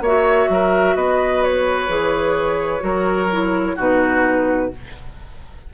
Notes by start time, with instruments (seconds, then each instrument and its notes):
0.00 bassoon A#3, clarinet F#4, oboe C#5, flute E5
0.49 bassoon F#3, oboe A#4
0.95 bassoon B3, oboe B4, flute D#5
1.43 flute C#5
1.88 bassoon E3, clarinet G#4
2.79 bassoon F#3, clarinet F#4, oboe A#4
3.32 clarinet E4
3.76 bassoon B2, clarinet D#4, oboe F#4, flute B4